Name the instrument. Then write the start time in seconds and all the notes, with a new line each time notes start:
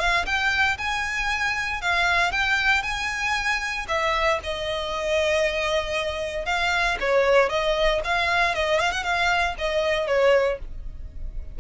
violin
0.00 F5
0.26 G5
0.78 G#5
1.82 F5
2.32 G5
2.83 G#5
3.89 E5
4.44 D#5
6.46 F5
7.01 C#5
7.50 D#5
8.05 F5
8.55 D#5
8.80 F5
8.92 F#5
9.04 F5
9.59 D#5
10.07 C#5